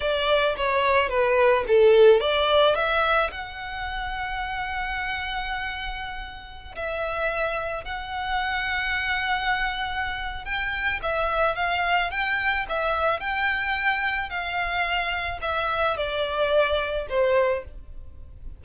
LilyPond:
\new Staff \with { instrumentName = "violin" } { \time 4/4 \tempo 4 = 109 d''4 cis''4 b'4 a'4 | d''4 e''4 fis''2~ | fis''1~ | fis''16 e''2 fis''4.~ fis''16~ |
fis''2. g''4 | e''4 f''4 g''4 e''4 | g''2 f''2 | e''4 d''2 c''4 | }